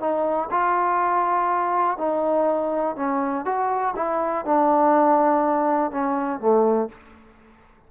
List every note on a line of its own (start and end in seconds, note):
0.00 0.49 D#4
0.51 1.98 F4
1.98 2.96 D#4
2.96 3.45 C#4
3.45 3.94 F#4
3.96 4.45 E4
4.46 5.91 D4
5.91 6.40 C#4
6.40 6.89 A3